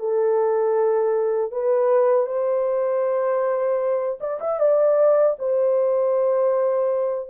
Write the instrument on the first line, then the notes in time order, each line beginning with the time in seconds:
horn
0.00 A4
1.52 B4
2.27 C5
4.21 D5
4.41 E5
4.60 D5
5.39 C5